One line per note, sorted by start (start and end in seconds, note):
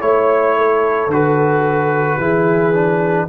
0.00 1.07 A3
0.00 1.09 E4
0.00 0.56 C#5
0.00 1.10 C#5
0.58 2.20 A4
1.07 2.17 D3
1.07 2.20 F#4
1.07 3.29 B4
2.19 3.28 E3
2.19 2.74 E4
2.19 3.29 G#4
2.74 3.28 D4